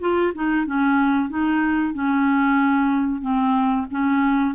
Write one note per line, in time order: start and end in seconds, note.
0.00 0.33 F4
0.34 0.66 D#4
0.66 1.29 C#4
1.29 1.94 D#4
1.94 3.21 C#4
3.21 3.86 C4
3.90 4.54 C#4